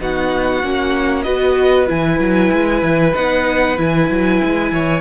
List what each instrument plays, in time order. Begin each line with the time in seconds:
0.00 cello B3, viola D#4, violin F#4 F#5
0.64 cello A#3, viola C#4
1.23 cello B3, viola F#4, violin B4 D#5
1.88 cello E3, viola E4, violin G#5
2.20 cello F#3
2.53 cello G#3
2.83 cello E3
3.14 cello B3, viola D#4, violin F#5
3.77 cello E3, viola E4, violin G#5
4.11 cello F#3
4.44 cello G#3
4.73 cello E3, violin C#5